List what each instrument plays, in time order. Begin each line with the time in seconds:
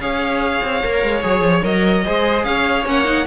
0.00 cello C#4, viola G#4, violin C#5 F5
0.62 cello C4
0.83 cello A#3, viola A#4
1.03 cello G#3
1.21 cello F#3, viola G#4, violin C#5
1.41 cello F3
1.63 cello F#3, viola A#4, violin D#5
2.04 cello G#3, viola G#4, violin C5
2.44 cello C#4, violin C#5 F5
2.85 cello A#3, viola C#4, violin F#5
3.04 viola D#4